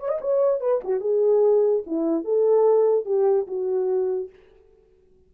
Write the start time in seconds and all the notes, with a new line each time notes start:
0.00 C#5
0.09 D#5
0.21 C#5
0.61 B4
0.84 F#4
1.01 G#4
1.87 E4
2.25 A4
3.06 G4
3.47 F#4